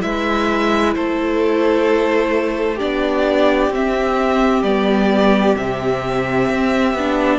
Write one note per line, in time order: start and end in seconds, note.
0.00 0.96 G#3
0.00 2.77 E4
0.00 0.96 B4
0.00 0.94 E5
0.94 2.81 A3
0.94 2.75 A4
0.94 2.79 C5
2.75 3.71 D4
2.75 7.37 G4
2.75 3.72 D5
2.82 3.70 B3
3.70 4.62 C4
3.70 4.65 C4
3.70 4.63 E5
4.63 5.55 G3
4.63 5.57 B3
4.63 5.55 D5
5.57 6.49 C3
5.57 6.95 C4
5.57 7.39 E5
6.49 6.93 C4
6.93 7.39 B3
6.93 7.39 D4